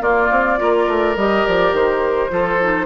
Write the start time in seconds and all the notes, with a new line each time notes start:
0.00 A#3 F4 D5
0.30 C4
0.57 A#3 F4 A#4
0.87 A3
1.16 G3 G4 D#5
1.45 F3 D5
1.72 D#3 C5
2.30 F3 F4 A4
2.62 D#4